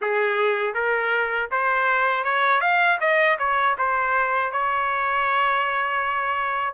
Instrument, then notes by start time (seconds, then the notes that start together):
trumpet
0.01 G#4
0.74 A#4
1.51 C5
2.23 C#5
2.60 F5
3.00 D#5
3.38 C#5
3.77 C5
4.51 C#5